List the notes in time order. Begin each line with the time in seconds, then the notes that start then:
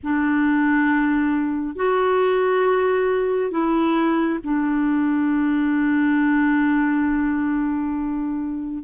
0.03 D4
1.75 F#4
3.51 E4
4.44 D4